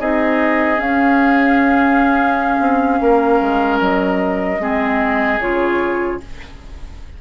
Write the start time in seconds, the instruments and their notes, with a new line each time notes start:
0.00 bassoon C4, clarinet D#4, oboe G#4, flute D#5
0.77 clarinet C#4, bassoon C#4, flute F5
2.60 bassoon C4
3.01 bassoon A#3, oboe A#4
3.41 bassoon G#3
3.81 bassoon F#3, flute D#5
4.60 bassoon G#3, clarinet C4, oboe G#4
5.41 bassoon C#3, clarinet F4, flute C#5